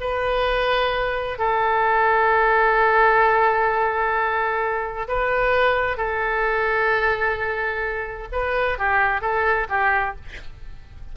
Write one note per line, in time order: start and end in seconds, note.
0.00 1.38 B4
1.38 5.07 A4
5.08 5.97 B4
5.97 8.28 A4
8.32 8.78 B4
8.78 9.21 G4
9.21 9.67 A4
9.69 10.15 G4